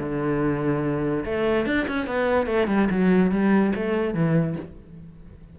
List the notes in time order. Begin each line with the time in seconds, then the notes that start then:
0.00 D3
1.25 A3
1.66 D4
1.88 C#4
2.07 B3
2.47 A3
2.68 G3
2.91 F#3
3.32 G3
3.75 A3
4.15 E3